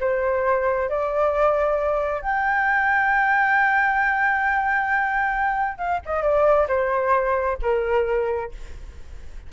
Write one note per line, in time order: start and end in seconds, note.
0.00 0.89 C5
0.89 2.21 D5
2.21 5.78 G5
5.78 6.00 F5
6.05 6.22 D#5
6.22 6.67 D5
6.68 7.58 C5
7.62 8.51 A#4